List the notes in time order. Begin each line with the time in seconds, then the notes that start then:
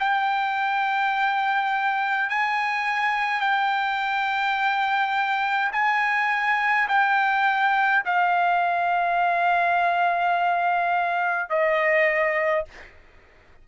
0.00 G5
2.30 G#5
3.41 G5
5.73 G#5
6.89 G5
8.06 F5
11.50 D#5